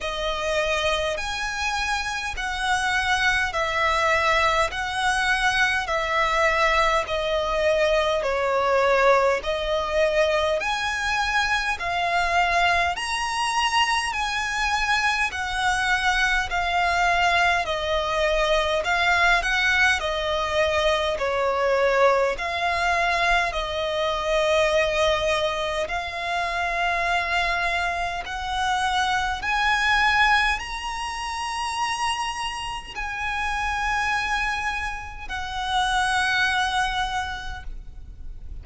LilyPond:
\new Staff \with { instrumentName = "violin" } { \time 4/4 \tempo 4 = 51 dis''4 gis''4 fis''4 e''4 | fis''4 e''4 dis''4 cis''4 | dis''4 gis''4 f''4 ais''4 | gis''4 fis''4 f''4 dis''4 |
f''8 fis''8 dis''4 cis''4 f''4 | dis''2 f''2 | fis''4 gis''4 ais''2 | gis''2 fis''2 | }